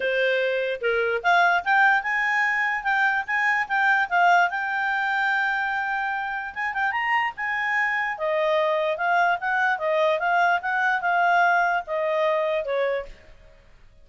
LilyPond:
\new Staff \with { instrumentName = "clarinet" } { \time 4/4 \tempo 4 = 147 c''2 ais'4 f''4 | g''4 gis''2 g''4 | gis''4 g''4 f''4 g''4~ | g''1 |
gis''8 g''8 ais''4 gis''2 | dis''2 f''4 fis''4 | dis''4 f''4 fis''4 f''4~ | f''4 dis''2 cis''4 | }